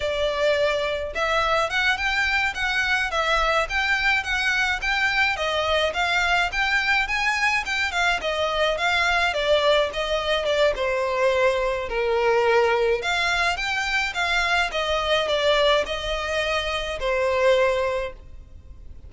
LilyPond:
\new Staff \with { instrumentName = "violin" } { \time 4/4 \tempo 4 = 106 d''2 e''4 fis''8 g''8~ | g''8 fis''4 e''4 g''4 fis''8~ | fis''8 g''4 dis''4 f''4 g''8~ | g''8 gis''4 g''8 f''8 dis''4 f''8~ |
f''8 d''4 dis''4 d''8 c''4~ | c''4 ais'2 f''4 | g''4 f''4 dis''4 d''4 | dis''2 c''2 | }